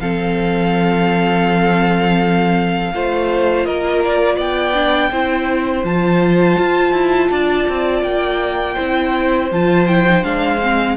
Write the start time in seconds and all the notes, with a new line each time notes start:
0.00 F3 C4 A4 F5
2.93 A3 F4 C5
3.65 A#3 A#4 D#5
4.04 D5
4.36 B3 D5 G5
4.74 D4
5.10 C4 E4 C5
5.84 F3 F4 A5
6.59 F4
6.92 E4
7.31 D4 D5
7.68 C4
8.02 A#3 G5
8.74 C4 E4 C5
9.51 F3 F4 A5
9.87 E4 G5
10.08 D#4
10.22 G#3 D4 F5
10.62 C4